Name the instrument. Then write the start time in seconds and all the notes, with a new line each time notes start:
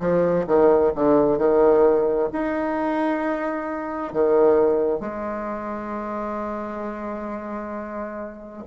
bassoon
0.00 F3
0.46 D#3
0.95 D3
1.38 D#3
2.32 D#4
4.12 D#3
5.00 G#3